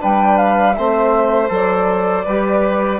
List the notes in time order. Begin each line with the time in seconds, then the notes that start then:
0.00 G3 D4 B4 G5
0.38 F5
0.74 A3 C4 C5 E5
1.49 F#3 A4 D5
2.25 G3 G4 B4